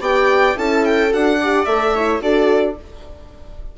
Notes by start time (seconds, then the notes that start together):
0.00 B3 G4 D5 G5
0.54 C#4 E4 A4 A5
0.85 G5
1.10 D4 F#4 F#5
1.40 G4 D5
1.65 A3 A4 E5
1.95 E4 C#5
2.21 D4 F#4 A4 D5